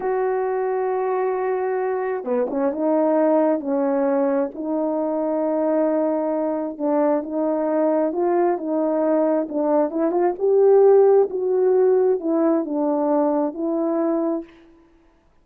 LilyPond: \new Staff \with { instrumentName = "horn" } { \time 4/4 \tempo 4 = 133 fis'1~ | fis'4 b8 cis'8 dis'2 | cis'2 dis'2~ | dis'2. d'4 |
dis'2 f'4 dis'4~ | dis'4 d'4 e'8 f'8 g'4~ | g'4 fis'2 e'4 | d'2 e'2 | }